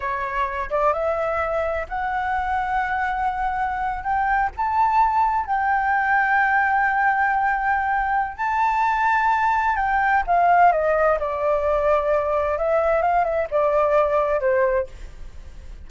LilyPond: \new Staff \with { instrumentName = "flute" } { \time 4/4 \tempo 4 = 129 cis''4. d''8 e''2 | fis''1~ | fis''8. g''4 a''2 g''16~ | g''1~ |
g''2 a''2~ | a''4 g''4 f''4 dis''4 | d''2. e''4 | f''8 e''8 d''2 c''4 | }